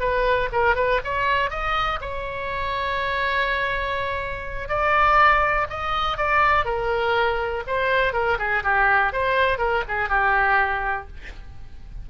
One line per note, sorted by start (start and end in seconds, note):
0.00 0.49 B4
0.52 0.76 A#4
0.76 1.00 B4
1.04 1.50 C#5
1.50 1.99 D#5
2.01 4.69 C#5
4.69 5.67 D5
5.70 6.18 D#5
6.18 6.65 D5
6.65 7.63 A#4
7.67 8.13 C5
8.13 8.38 A#4
8.39 8.63 G#4
8.63 9.13 G4
9.13 9.58 C5
9.58 9.83 A#4
9.88 10.09 G#4
10.09 11.07 G4